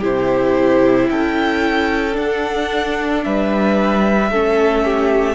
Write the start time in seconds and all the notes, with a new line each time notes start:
0.00 C3 E4 G4 C5
1.09 C#4 A4 G5
2.12 D4 F#5
3.23 G3 B4 E5
4.30 A3 C#4 A4
4.84 G4